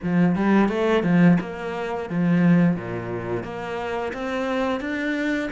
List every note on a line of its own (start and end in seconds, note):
0.02 0.35 F3
0.35 0.68 G3
0.68 1.03 A3
1.03 1.37 F3
1.40 2.09 A#3
2.09 2.76 F3
2.76 3.43 A#2
3.43 4.12 A#3
4.13 4.80 C4
4.80 5.49 D4